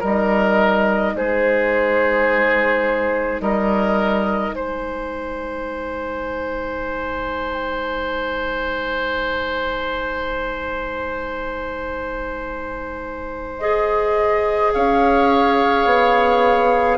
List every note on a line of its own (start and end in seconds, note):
0.00 1.15 G3
0.00 13.61 D#4
0.00 1.13 A#4
0.00 1.17 D#5
1.15 3.41 G#3
1.15 3.42 G#4
1.15 3.41 C5
3.41 4.52 G3
3.41 4.55 A#4
3.41 4.54 D#5
4.52 14.71 G#3
4.52 14.75 C5
4.52 13.59 G#5
13.59 16.99 G#4
13.59 14.73 D#5
14.74 15.85 C#4
14.74 16.99 C#5
14.74 16.99 F5
15.85 16.99 B3